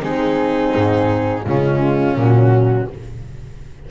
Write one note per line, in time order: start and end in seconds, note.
0.00 0.75 G#3
0.00 1.43 C4
0.00 1.46 D#4
0.00 1.45 G#4
0.75 1.47 G#2
1.45 2.16 C#3
1.45 2.17 G#3
1.45 2.90 C#4
1.45 2.17 F4
2.16 2.88 A#2
2.16 2.89 F#3
2.16 2.91 F#4